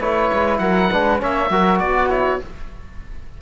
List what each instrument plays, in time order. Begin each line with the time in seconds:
0.00 cello A3, trombone E4, flute B4, oboe C#5
0.34 cello G#3
0.58 cello F#3, flute A#4, oboe F#5
0.91 cello G#3, trombone D4, flute B4
1.19 cello A#3, trombone C#4, flute C#5, oboe E5
1.50 cello F#3, trombone F#4, flute A#4
1.79 cello B3, flute F#4, oboe D5
2.09 trombone E4, oboe C#5